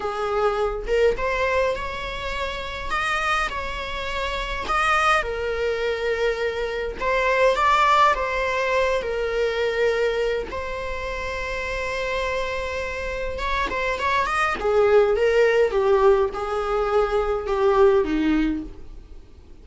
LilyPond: \new Staff \with { instrumentName = "viola" } { \time 4/4 \tempo 4 = 103 gis'4. ais'8 c''4 cis''4~ | cis''4 dis''4 cis''2 | dis''4 ais'2. | c''4 d''4 c''4. ais'8~ |
ais'2 c''2~ | c''2. cis''8 c''8 | cis''8 dis''8 gis'4 ais'4 g'4 | gis'2 g'4 dis'4 | }